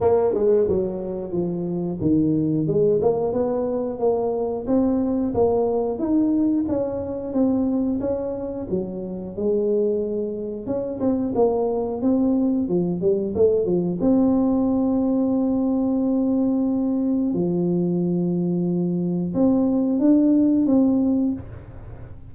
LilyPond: \new Staff \with { instrumentName = "tuba" } { \time 4/4 \tempo 4 = 90 ais8 gis8 fis4 f4 dis4 | gis8 ais8 b4 ais4 c'4 | ais4 dis'4 cis'4 c'4 | cis'4 fis4 gis2 |
cis'8 c'8 ais4 c'4 f8 g8 | a8 f8 c'2.~ | c'2 f2~ | f4 c'4 d'4 c'4 | }